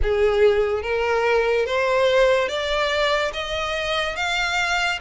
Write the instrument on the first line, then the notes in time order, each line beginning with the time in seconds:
violin
0.02 G#4
0.82 A#4
1.66 C5
2.48 D5
3.33 D#5
4.16 F5